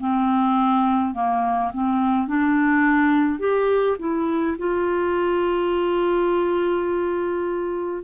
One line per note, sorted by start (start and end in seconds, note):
0.00 1.14 C4
1.14 1.72 A#3
1.74 2.28 C4
2.28 3.39 D4
3.39 3.97 G4
3.99 4.56 E4
4.58 8.03 F4